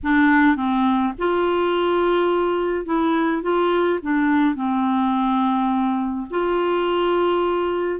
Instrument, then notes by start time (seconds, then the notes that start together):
clarinet
0.03 D4
0.56 C4
1.18 F4
2.85 E4
3.42 F4
4.02 D4
4.55 C4
6.30 F4